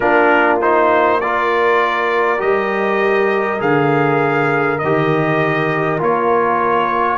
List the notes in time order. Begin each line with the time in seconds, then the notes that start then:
0.00 A#3 D4 F4 A#4
0.61 D#4 C5
1.20 F4 A#4 D5
2.38 G3 G4 D#5
3.58 D3 G#4 F5
4.78 D#3 G4 D#5
5.99 A#3 F4 C#5